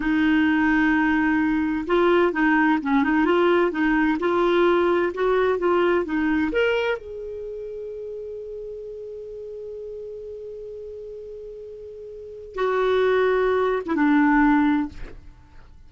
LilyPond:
\new Staff \with { instrumentName = "clarinet" } { \time 4/4 \tempo 4 = 129 dis'1 | f'4 dis'4 cis'8 dis'8 f'4 | dis'4 f'2 fis'4 | f'4 dis'4 ais'4 gis'4~ |
gis'1~ | gis'1~ | gis'2. fis'4~ | fis'4.~ fis'16 e'16 d'2 | }